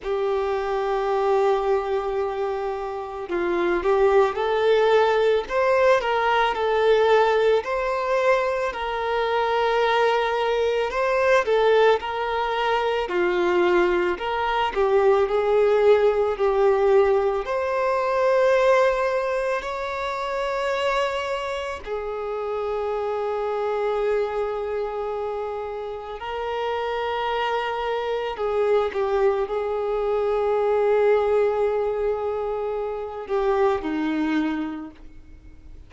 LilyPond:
\new Staff \with { instrumentName = "violin" } { \time 4/4 \tempo 4 = 55 g'2. f'8 g'8 | a'4 c''8 ais'8 a'4 c''4 | ais'2 c''8 a'8 ais'4 | f'4 ais'8 g'8 gis'4 g'4 |
c''2 cis''2 | gis'1 | ais'2 gis'8 g'8 gis'4~ | gis'2~ gis'8 g'8 dis'4 | }